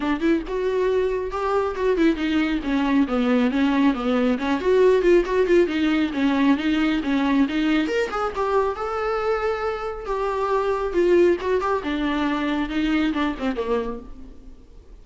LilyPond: \new Staff \with { instrumentName = "viola" } { \time 4/4 \tempo 4 = 137 d'8 e'8 fis'2 g'4 | fis'8 e'8 dis'4 cis'4 b4 | cis'4 b4 cis'8 fis'4 f'8 | fis'8 f'8 dis'4 cis'4 dis'4 |
cis'4 dis'4 ais'8 gis'8 g'4 | a'2. g'4~ | g'4 f'4 fis'8 g'8 d'4~ | d'4 dis'4 d'8 c'8 ais4 | }